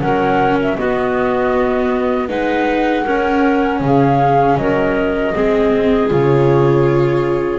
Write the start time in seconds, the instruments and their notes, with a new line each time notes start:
0.00 double bass F#3, viola C#4, clarinet A#4, flute F#5
0.62 flute E5
0.77 viola B3, double bass B3, clarinet F#4, flute D#5
2.28 double bass G#3, viola D#4, clarinet B4, flute F#5
3.04 viola C#4, double bass C#4, clarinet A#4
3.80 double bass C#3, clarinet G#4, flute F5
4.57 double bass F#3, clarinet A#4, flute D#5
5.34 double bass G#3, viola C4, clarinet G#4
6.09 double bass C#3, viola F4, flute C#5